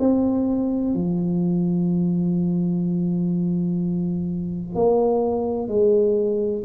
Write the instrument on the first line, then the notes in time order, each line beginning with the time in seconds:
tuba
0.00 C4
0.95 F3
4.75 A#3
5.68 G#3